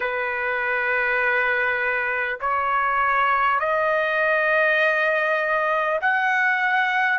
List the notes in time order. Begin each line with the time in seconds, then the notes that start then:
0.00 B4
2.40 C#5
3.59 D#5
6.01 F#5